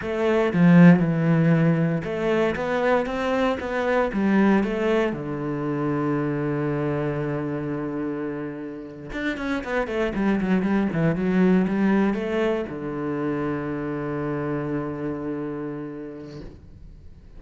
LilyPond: \new Staff \with { instrumentName = "cello" } { \time 4/4 \tempo 4 = 117 a4 f4 e2 | a4 b4 c'4 b4 | g4 a4 d2~ | d1~ |
d4.~ d16 d'8 cis'8 b8 a8 g16~ | g16 fis8 g8 e8 fis4 g4 a16~ | a8. d2.~ d16~ | d1 | }